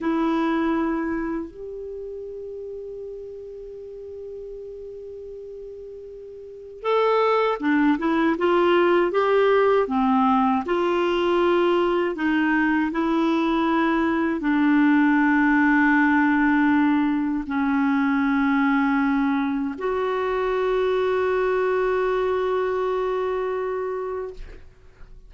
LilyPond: \new Staff \with { instrumentName = "clarinet" } { \time 4/4 \tempo 4 = 79 e'2 g'2~ | g'1~ | g'4 a'4 d'8 e'8 f'4 | g'4 c'4 f'2 |
dis'4 e'2 d'4~ | d'2. cis'4~ | cis'2 fis'2~ | fis'1 | }